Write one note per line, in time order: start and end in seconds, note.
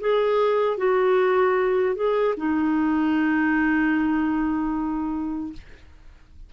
0.00 0.78 G#4
0.78 1.95 F#4
1.95 2.35 G#4
2.37 5.53 D#4